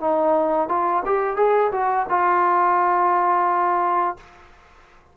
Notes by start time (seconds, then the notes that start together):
0.00 D#4
0.68 F4
1.05 G4
1.36 G#4
1.71 F#4
2.09 F4